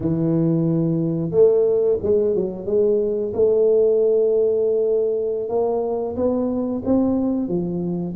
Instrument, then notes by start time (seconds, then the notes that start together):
tuba
0.00 E3
1.31 A3
2.02 G#3
2.35 F#3
2.66 G#3
3.33 A3
5.48 A#3
6.15 B3
6.85 C4
7.48 F3